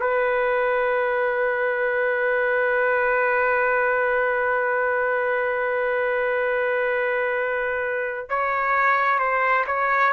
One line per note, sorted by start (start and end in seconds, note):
0.00 8.29 B4
8.29 9.18 C#5
9.18 9.65 C5
9.66 10.12 C#5